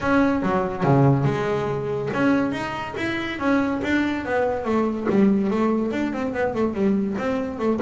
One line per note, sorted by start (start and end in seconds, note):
0.01 0.42 C#4
0.42 0.83 F#3
0.83 1.25 C#3
1.25 2.09 G#3
2.13 2.52 C#4
2.52 2.94 D#4
2.96 3.39 E4
3.39 3.81 C#4
3.83 4.25 D4
4.25 4.64 B3
4.64 5.06 A3
5.09 5.50 G3
5.50 5.91 A3
5.91 6.12 D4
6.13 6.33 C4
6.33 6.54 B3
6.54 6.74 A3
6.74 7.16 G3
7.17 7.58 C4
7.58 7.80 A3